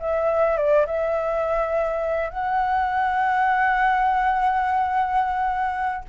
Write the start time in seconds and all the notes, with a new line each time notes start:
0.00 E5
0.57 D5
0.87 E5
2.30 F#5